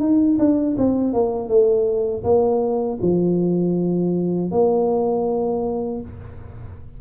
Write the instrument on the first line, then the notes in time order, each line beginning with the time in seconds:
tuba
0.00 D#4
0.39 D4
0.77 C4
1.13 A#3
1.48 A3
2.24 A#3
3.02 F3
4.51 A#3